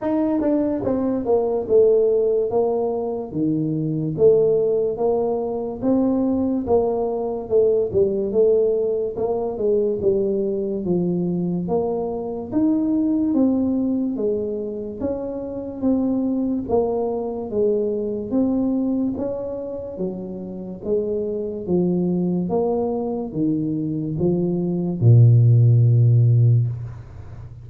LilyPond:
\new Staff \with { instrumentName = "tuba" } { \time 4/4 \tempo 4 = 72 dis'8 d'8 c'8 ais8 a4 ais4 | dis4 a4 ais4 c'4 | ais4 a8 g8 a4 ais8 gis8 | g4 f4 ais4 dis'4 |
c'4 gis4 cis'4 c'4 | ais4 gis4 c'4 cis'4 | fis4 gis4 f4 ais4 | dis4 f4 ais,2 | }